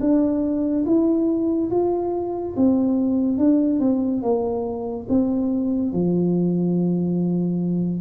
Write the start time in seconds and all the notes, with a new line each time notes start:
0.00 D4
0.85 E4
1.70 F4
2.56 C4
3.38 D4
3.80 C4
4.22 A#3
5.09 C4
5.92 F3